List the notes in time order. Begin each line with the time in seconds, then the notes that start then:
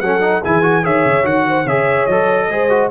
0.00 F#3 C#4 A4 F#5
0.20 D#4
0.42 E3 E4 G#4 G#5
0.62 F#4
0.83 D#3 G#4 C#5 E5
1.05 C#3
1.23 D#3 F#4 F#5
1.48 C5
1.63 C#3 G#4 C#5 E5
2.06 F#3 A4 D#5
2.49 G#3 G#4 C5
2.69 F#4